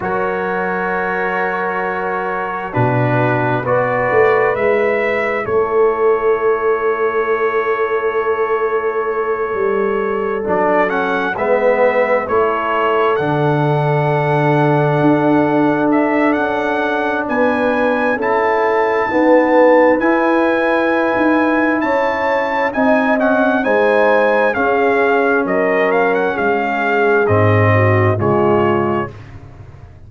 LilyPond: <<
  \new Staff \with { instrumentName = "trumpet" } { \time 4/4 \tempo 4 = 66 cis''2. b'4 | d''4 e''4 cis''2~ | cis''2.~ cis''8 d''8 | fis''8 e''4 cis''4 fis''4.~ |
fis''4. e''8 fis''4 gis''4 | a''2 gis''2 | a''4 gis''8 fis''8 gis''4 f''4 | dis''8 f''16 fis''16 f''4 dis''4 cis''4 | }
  \new Staff \with { instrumentName = "horn" } { \time 4/4 ais'2. fis'4 | b'2 a'2~ | a'1~ | a'8 b'4 a'2~ a'8~ |
a'2. b'4 | a'4 b'2. | cis''4 dis''4 c''4 gis'4 | ais'4 gis'4. fis'8 f'4 | }
  \new Staff \with { instrumentName = "trombone" } { \time 4/4 fis'2. d'4 | fis'4 e'2.~ | e'2.~ e'8 d'8 | cis'8 b4 e'4 d'4.~ |
d'1 | e'4 b4 e'2~ | e'4 dis'8 cis'8 dis'4 cis'4~ | cis'2 c'4 gis4 | }
  \new Staff \with { instrumentName = "tuba" } { \time 4/4 fis2. b,4 | b8 a8 gis4 a2~ | a2~ a8 g4 fis8~ | fis8 gis4 a4 d4.~ |
d8 d'4. cis'4 b4 | cis'4 dis'4 e'4~ e'16 dis'8. | cis'4 c'4 gis4 cis'4 | fis4 gis4 gis,4 cis4 | }
>>